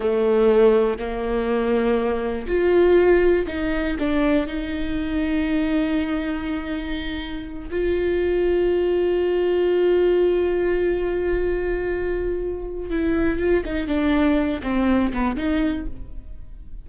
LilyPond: \new Staff \with { instrumentName = "viola" } { \time 4/4 \tempo 4 = 121 a2 ais2~ | ais4 f'2 dis'4 | d'4 dis'2.~ | dis'2.~ dis'8 f'8~ |
f'1~ | f'1~ | f'2 e'4 f'8 dis'8 | d'4. c'4 b8 dis'4 | }